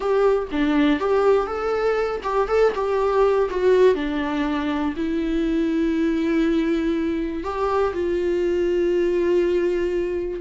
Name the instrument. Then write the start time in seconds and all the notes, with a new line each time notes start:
viola
0.00 G4
0.51 D4
0.99 G4
1.47 A4
2.23 G4
2.48 A4
2.74 G4
3.50 F#4
3.94 D4
4.96 E4
7.43 G4
7.93 F4